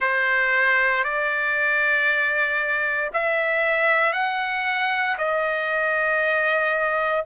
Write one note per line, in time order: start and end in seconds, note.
0.00 1.03 C5
1.03 3.10 D5
3.13 4.12 E5
4.12 5.16 F#5
5.17 7.24 D#5